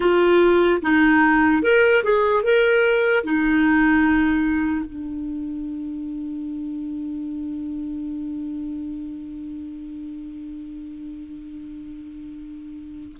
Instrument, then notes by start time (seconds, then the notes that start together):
clarinet
0.00 F4
0.82 D#4
1.62 A#4
2.03 G#4
2.43 A#4
3.24 D#4
4.85 D4